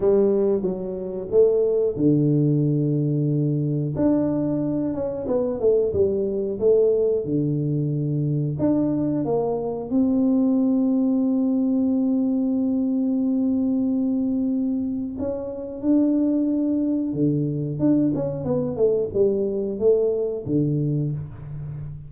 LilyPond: \new Staff \with { instrumentName = "tuba" } { \time 4/4 \tempo 4 = 91 g4 fis4 a4 d4~ | d2 d'4. cis'8 | b8 a8 g4 a4 d4~ | d4 d'4 ais4 c'4~ |
c'1~ | c'2. cis'4 | d'2 d4 d'8 cis'8 | b8 a8 g4 a4 d4 | }